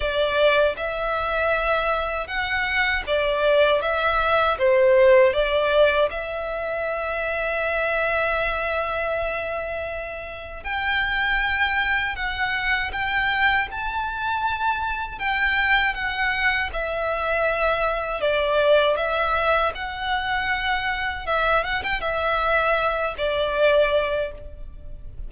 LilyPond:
\new Staff \with { instrumentName = "violin" } { \time 4/4 \tempo 4 = 79 d''4 e''2 fis''4 | d''4 e''4 c''4 d''4 | e''1~ | e''2 g''2 |
fis''4 g''4 a''2 | g''4 fis''4 e''2 | d''4 e''4 fis''2 | e''8 fis''16 g''16 e''4. d''4. | }